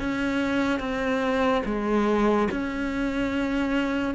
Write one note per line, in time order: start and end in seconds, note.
0.00 0.80 C#4
0.80 1.63 C4
1.65 2.48 G#3
2.51 4.15 C#4